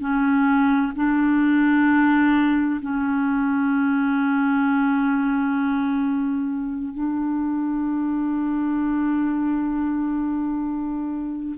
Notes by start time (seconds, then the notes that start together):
0.00 C#4
0.95 D4
2.81 C#4
6.94 D4